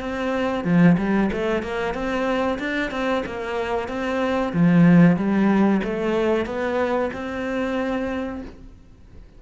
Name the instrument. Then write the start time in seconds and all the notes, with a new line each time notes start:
cello
0.00 C4
0.64 F3
0.98 G3
1.32 A3
1.62 A#3
1.94 C4
2.59 D4
2.91 C4
3.26 A#3
3.88 C4
4.52 F3
5.16 G3
5.84 A3
6.46 B3
7.13 C4